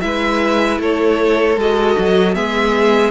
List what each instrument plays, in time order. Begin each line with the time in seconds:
0.00 cello G#3, viola E4, violin B4 E5
0.78 cello A3, violin A4 C#5
1.56 cello G#3, viola F#4, violin D#5
1.98 cello F#3
2.33 cello G#3, viola B3, violin G#4 E5